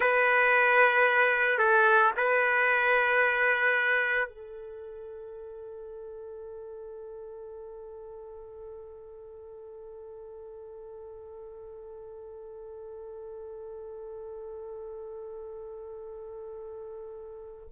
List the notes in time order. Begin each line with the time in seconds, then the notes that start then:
0.00 B4
1.58 A4
2.17 B4
4.29 A4